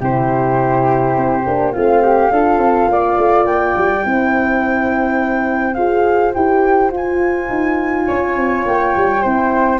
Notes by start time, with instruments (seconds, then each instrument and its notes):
0.00 tuba C3, horn E4, flute G4 C5
1.17 tuba C4
1.46 tuba A#3, horn D4
1.72 tuba A3, horn C4, flute F4 F5
2.02 flute G4
2.30 tuba D4, horn F4, flute A4
2.58 tuba C4
2.88 tuba A#3, flute D5
3.18 tuba A3
3.44 tuba A#3, flute G5
3.76 tuba G3
4.02 tuba C4, horn E4, flute C5
5.74 tuba F4, horn G#4, flute F5
6.34 tuba E4, horn G4, flute G5
6.91 tuba F4, horn F4, flute G#5
7.49 tuba D#4
8.06 tuba C#4, flute C#5
8.35 tuba C4
8.65 tuba A#3, flute G5
8.96 tuba G3
9.22 tuba C4, horn E4, flute C5